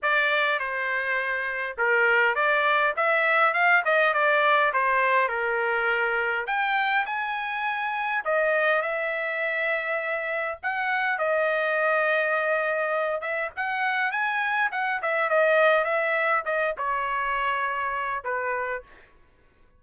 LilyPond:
\new Staff \with { instrumentName = "trumpet" } { \time 4/4 \tempo 4 = 102 d''4 c''2 ais'4 | d''4 e''4 f''8 dis''8 d''4 | c''4 ais'2 g''4 | gis''2 dis''4 e''4~ |
e''2 fis''4 dis''4~ | dis''2~ dis''8 e''8 fis''4 | gis''4 fis''8 e''8 dis''4 e''4 | dis''8 cis''2~ cis''8 b'4 | }